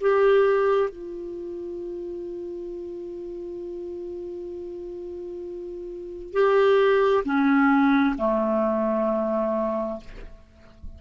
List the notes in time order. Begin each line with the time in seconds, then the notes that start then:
0.00 G4
0.89 F4
6.32 G4
7.24 C#4
8.18 A3